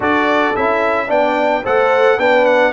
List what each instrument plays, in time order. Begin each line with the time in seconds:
0.00 tuba D4, trombone F#4, horn A4, trumpet D5
0.55 tuba C#4, trombone E4, trumpet E5
1.07 tuba B3, trombone D4, horn D5, trumpet G5
1.63 tuba A3, trombone A4, horn C5, trumpet F#5
2.17 tuba B3, trombone D4, horn B4, trumpet G5
2.45 trumpet F#5